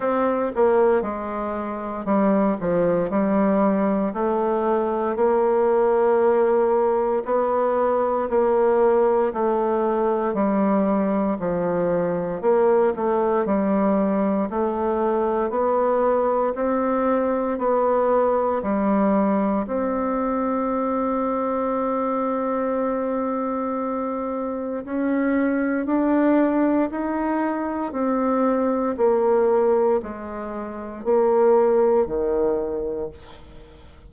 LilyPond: \new Staff \with { instrumentName = "bassoon" } { \time 4/4 \tempo 4 = 58 c'8 ais8 gis4 g8 f8 g4 | a4 ais2 b4 | ais4 a4 g4 f4 | ais8 a8 g4 a4 b4 |
c'4 b4 g4 c'4~ | c'1 | cis'4 d'4 dis'4 c'4 | ais4 gis4 ais4 dis4 | }